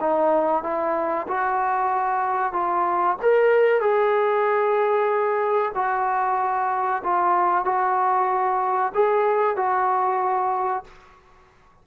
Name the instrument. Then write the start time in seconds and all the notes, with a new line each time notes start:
trombone
0.00 D#4
0.63 E4
1.27 F#4
2.52 F4
3.21 A#4
3.80 G#4
5.74 F#4
7.03 F4
7.64 F#4
8.94 G#4
9.56 F#4